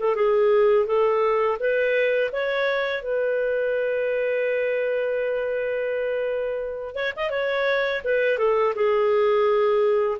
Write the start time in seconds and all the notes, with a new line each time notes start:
0.00 A4
0.16 G#4
0.87 A4
1.60 B4
2.33 C#5
3.03 B4
6.95 C#5
7.17 D#5
7.31 C#5
8.05 B4
8.39 A4
8.75 G#4